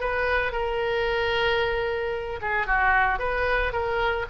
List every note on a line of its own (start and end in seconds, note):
0.00 0.52 B4
0.52 2.39 A#4
2.41 2.66 G#4
2.66 3.19 F#4
3.19 3.72 B4
3.72 4.26 A#4